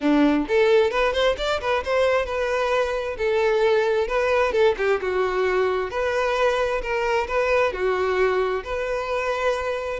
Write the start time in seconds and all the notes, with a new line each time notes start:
0.00 D4
0.48 A4
0.90 B4
1.13 C5
1.37 D5
1.60 B4
1.84 C5
2.25 B4
3.17 A4
4.07 B4
4.52 A4
4.77 G4
5.01 F#4
5.90 B4
6.81 A#4
7.27 B4
7.72 F#4
8.64 B4